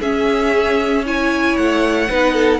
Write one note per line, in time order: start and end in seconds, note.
0.00 1.56 C#4
0.00 1.05 C#4
0.00 1.03 G#4
0.00 1.05 E5
1.05 2.09 E4
1.05 2.09 C#5
1.05 1.57 G#5
1.57 2.09 A3
1.57 2.59 F#5
2.09 2.59 B3
2.09 2.59 D#4
2.09 2.33 B4
2.33 2.59 A4